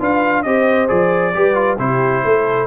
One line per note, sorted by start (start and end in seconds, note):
0.00 0.45 D4
0.00 0.45 F4
0.00 0.45 B4
0.00 0.43 F5
0.43 0.90 C4
0.43 0.88 G4
0.43 1.35 C5
0.43 0.88 D#5
0.88 1.36 F3
0.88 1.33 G#4
0.88 1.79 D5
1.35 1.79 G3
1.35 1.55 G4
1.35 1.80 B4
1.55 1.77 F4
1.79 2.24 C3
1.79 2.68 E4
1.79 2.24 G4
1.79 2.68 C5
2.25 2.68 A3
2.25 2.68 A4